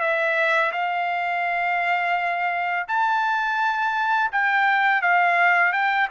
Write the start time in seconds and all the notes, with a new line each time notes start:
0.00 E5
0.72 F5
2.88 A5
4.31 G5
5.02 F5
5.72 G5